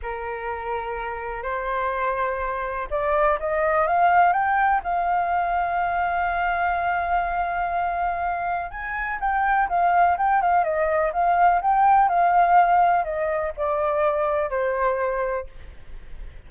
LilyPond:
\new Staff \with { instrumentName = "flute" } { \time 4/4 \tempo 4 = 124 ais'2. c''4~ | c''2 d''4 dis''4 | f''4 g''4 f''2~ | f''1~ |
f''2 gis''4 g''4 | f''4 g''8 f''8 dis''4 f''4 | g''4 f''2 dis''4 | d''2 c''2 | }